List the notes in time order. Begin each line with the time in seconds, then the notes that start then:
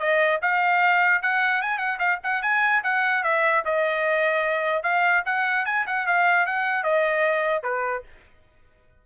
0.00 D#5
0.42 F5
1.23 F#5
1.62 G#5
1.79 F#5
2.00 F5
2.24 F#5
2.43 G#5
2.84 F#5
3.24 E5
3.66 D#5
4.84 F5
5.26 F#5
5.66 G#5
5.87 F#5
6.07 F5
6.46 F#5
6.84 D#5
7.63 B4